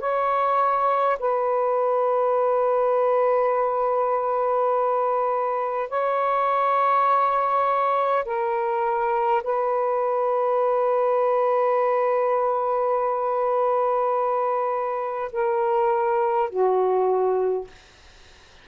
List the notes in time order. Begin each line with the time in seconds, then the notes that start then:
0.00 C#5
1.19 B4
5.90 C#5
8.25 A#4
9.44 B4
15.32 A#4
16.50 F#4